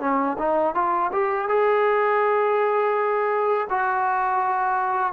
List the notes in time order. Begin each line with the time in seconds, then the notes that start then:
0.00 C#4
0.38 D#4
0.74 F4
1.12 G4
1.48 G#4
3.70 F#4